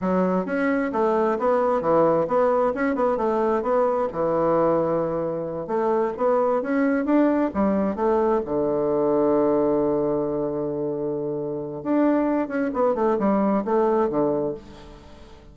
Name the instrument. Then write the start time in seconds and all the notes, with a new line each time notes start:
bassoon
0.01 F#3
0.45 C#4
0.92 A3
1.39 B3
1.81 E3
2.27 B3
2.74 C#4
2.95 B3
3.17 A3
3.62 B3
4.12 E3
5.67 A3
6.17 B3
6.61 C#4
7.05 D4
7.53 G3
7.95 A3
8.45 D3
11.83 D4
12.48 C#4
12.73 B3
12.94 A3
13.18 G3
13.64 A3
14.09 D3